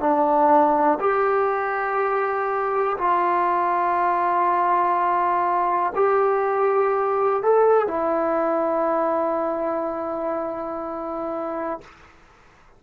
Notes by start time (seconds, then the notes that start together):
0.00 D4
1.00 G4
2.98 F4
5.96 G4
7.43 A4
7.88 E4